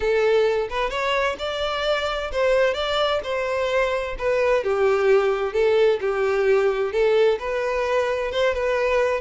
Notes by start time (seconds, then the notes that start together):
0.00 A4
0.69 B4
0.90 C#5
1.38 D5
2.32 C5
2.74 D5
3.23 C5
4.18 B4
4.63 G4
5.53 A4
6.00 G4
6.92 A4
7.39 B4
8.31 C5
8.53 B4